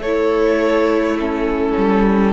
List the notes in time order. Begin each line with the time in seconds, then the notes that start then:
0.00 A3 E4 A4 C#5
1.18 C#4 A4
1.77 G3